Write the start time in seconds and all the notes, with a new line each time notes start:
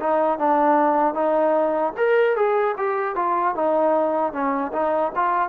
0.00 D#4
0.39 D4
1.14 D#4
1.97 A#4
2.36 G#4
2.78 G4
3.15 F4
3.55 D#4
4.33 C#4
4.73 D#4
5.15 F4